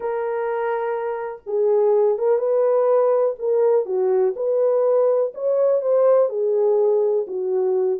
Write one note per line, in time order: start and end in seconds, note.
0.00 1.42 A#4
1.46 2.18 G#4
2.18 2.38 A#4
2.38 3.35 B4
3.38 3.85 A#4
3.85 4.34 F#4
4.36 5.32 B4
5.34 5.81 C#5
5.81 6.29 C5
6.29 7.26 G#4
7.27 7.99 F#4